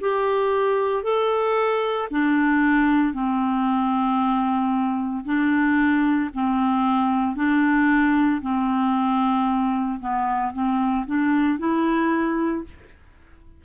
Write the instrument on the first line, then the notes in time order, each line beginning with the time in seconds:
clarinet
0.00 G4
1.03 A4
2.11 D4
3.13 C4
5.24 D4
6.34 C4
7.36 D4
8.42 C4
10.00 B3
10.53 C4
11.06 D4
11.59 E4